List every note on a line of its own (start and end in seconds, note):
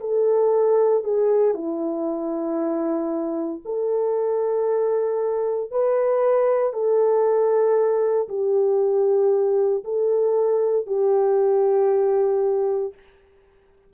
0.00 1.03 A4
1.04 1.54 G#4
1.54 3.61 E4
3.65 5.71 A4
5.71 6.73 B4
6.73 8.28 A4
8.28 9.83 G4
9.84 10.86 A4
10.86 12.93 G4